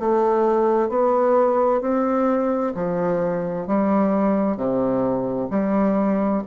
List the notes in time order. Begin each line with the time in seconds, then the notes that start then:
0.00 A3
0.89 B3
1.81 C4
2.75 F3
3.67 G3
4.57 C3
5.50 G3